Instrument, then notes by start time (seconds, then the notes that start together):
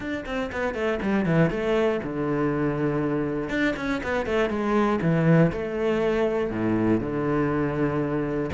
cello
0.00 D4
0.25 C4
0.51 B3
0.74 A3
1.02 G3
1.25 E3
1.50 A3
2.02 D3
3.49 D4
3.76 C#4
4.02 B3
4.25 A3
4.49 G#3
5.01 E3
5.52 A3
6.50 A2
7.00 D3